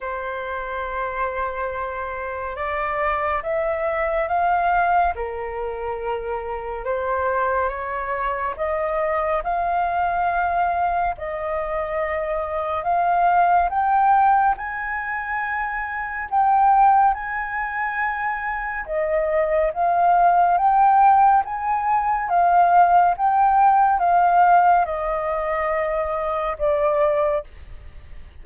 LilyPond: \new Staff \with { instrumentName = "flute" } { \time 4/4 \tempo 4 = 70 c''2. d''4 | e''4 f''4 ais'2 | c''4 cis''4 dis''4 f''4~ | f''4 dis''2 f''4 |
g''4 gis''2 g''4 | gis''2 dis''4 f''4 | g''4 gis''4 f''4 g''4 | f''4 dis''2 d''4 | }